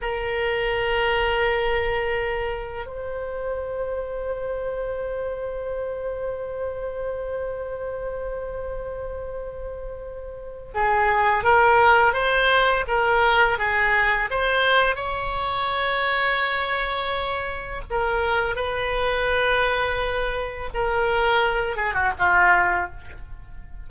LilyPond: \new Staff \with { instrumentName = "oboe" } { \time 4/4 \tempo 4 = 84 ais'1 | c''1~ | c''1~ | c''2. gis'4 |
ais'4 c''4 ais'4 gis'4 | c''4 cis''2.~ | cis''4 ais'4 b'2~ | b'4 ais'4. gis'16 fis'16 f'4 | }